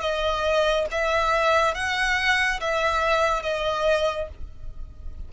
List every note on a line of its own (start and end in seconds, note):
0.00 0.86 D#5
0.91 1.74 E5
1.74 2.59 F#5
2.60 3.42 E5
3.42 4.28 D#5